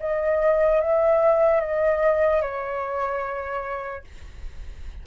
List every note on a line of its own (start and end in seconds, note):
0.00 0.81 D#5
0.81 1.61 E5
1.61 2.42 D#5
2.42 4.04 C#5